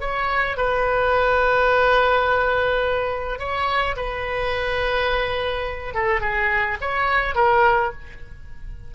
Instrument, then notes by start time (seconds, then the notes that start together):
oboe
0.00 C#5
0.57 B4
3.39 C#5
3.96 B4
5.94 A4
6.21 G#4
6.81 C#5
7.35 A#4